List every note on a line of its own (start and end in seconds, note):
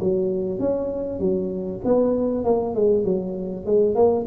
0.00 0.59 F#3
0.59 1.19 C#4
1.19 1.81 F#3
1.84 2.44 B3
2.44 2.75 A#3
2.75 3.04 G#3
3.04 3.65 F#3
3.65 3.95 G#3
3.95 4.26 A#3